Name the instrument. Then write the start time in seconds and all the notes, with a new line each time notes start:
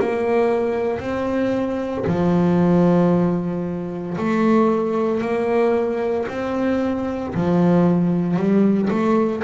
double bass
0.00 A#3
1.00 C4
2.07 F3
4.18 A3
5.22 A#3
6.29 C4
7.34 F3
8.36 G3
8.90 A3